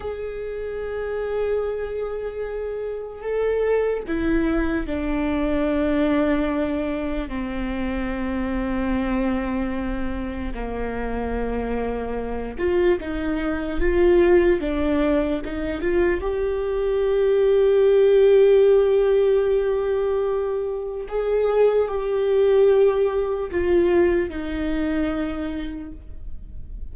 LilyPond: \new Staff \with { instrumentName = "viola" } { \time 4/4 \tempo 4 = 74 gis'1 | a'4 e'4 d'2~ | d'4 c'2.~ | c'4 ais2~ ais8 f'8 |
dis'4 f'4 d'4 dis'8 f'8 | g'1~ | g'2 gis'4 g'4~ | g'4 f'4 dis'2 | }